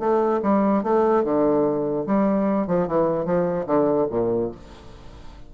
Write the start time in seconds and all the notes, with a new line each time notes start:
0.00 A3
0.43 G3
0.84 A3
1.25 D3
2.07 G3
2.68 F3
2.88 E3
3.26 F3
3.67 D3
4.11 A#2